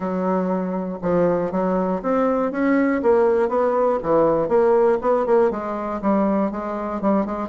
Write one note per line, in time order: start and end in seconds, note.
0.00 0.99 F#3
1.01 1.51 F3
1.51 2.01 F#3
2.02 2.51 C4
2.51 3.01 C#4
3.02 3.48 A#3
3.48 3.98 B3
4.02 4.48 E3
4.48 4.98 A#3
5.01 5.25 B3
5.25 5.50 A#3
5.50 6.00 G#3
6.01 6.51 G3
6.51 7.01 G#3
7.01 7.25 G3
7.25 7.48 G#3